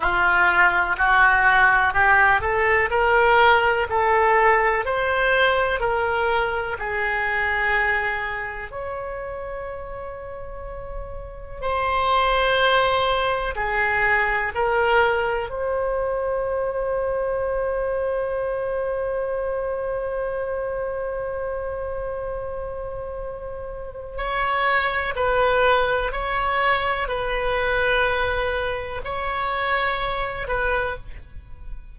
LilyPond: \new Staff \with { instrumentName = "oboe" } { \time 4/4 \tempo 4 = 62 f'4 fis'4 g'8 a'8 ais'4 | a'4 c''4 ais'4 gis'4~ | gis'4 cis''2. | c''2 gis'4 ais'4 |
c''1~ | c''1~ | c''4 cis''4 b'4 cis''4 | b'2 cis''4. b'8 | }